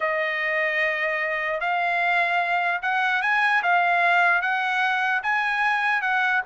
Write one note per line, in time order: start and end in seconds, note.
0.00 1.60 D#5
1.60 2.81 F5
2.82 3.22 F#5
3.22 3.62 G#5
3.62 4.41 F5
4.41 5.22 F#5
5.22 6.01 G#5
6.01 6.41 F#5